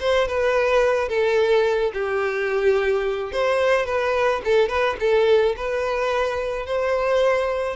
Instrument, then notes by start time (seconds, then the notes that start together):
violin
0.00 C5
0.28 B4
1.09 A4
1.94 G4
3.32 C5
3.86 B4
4.45 A4
4.69 B4
5.00 A4
5.57 B4
6.66 C5